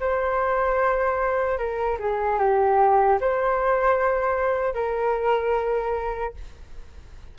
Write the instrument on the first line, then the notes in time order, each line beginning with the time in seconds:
flute
0.00 C5
1.58 A#4
1.99 G#4
2.39 G4
3.21 C5
4.74 A#4